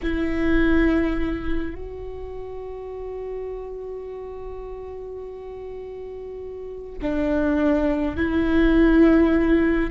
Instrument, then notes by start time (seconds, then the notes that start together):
viola
0.02 E4
1.74 F#4
7.02 D4
8.16 E4